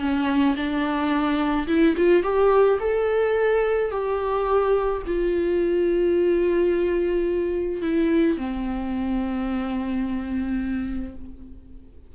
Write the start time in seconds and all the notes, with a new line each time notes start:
0.00 C#4
0.56 D4
1.67 E4
1.97 F4
2.23 G4
2.80 A4
3.91 G4
5.07 F4
7.82 E4
8.37 C4